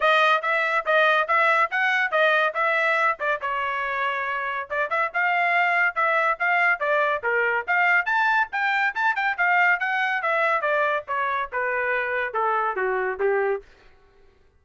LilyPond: \new Staff \with { instrumentName = "trumpet" } { \time 4/4 \tempo 4 = 141 dis''4 e''4 dis''4 e''4 | fis''4 dis''4 e''4. d''8 | cis''2. d''8 e''8 | f''2 e''4 f''4 |
d''4 ais'4 f''4 a''4 | g''4 a''8 g''8 f''4 fis''4 | e''4 d''4 cis''4 b'4~ | b'4 a'4 fis'4 g'4 | }